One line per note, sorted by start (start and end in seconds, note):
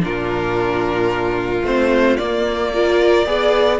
0.00 1.63 A#2
0.00 1.62 D4
0.00 2.73 F4
0.00 1.65 A#4
1.63 2.17 A3
1.63 2.19 C4
1.63 2.16 C5
2.16 2.73 A#3
2.16 3.26 A#3
2.16 3.79 D5
2.73 3.26 F4
2.73 3.27 A#4
3.26 3.79 B3
3.26 3.79 G#4
3.26 3.79 D5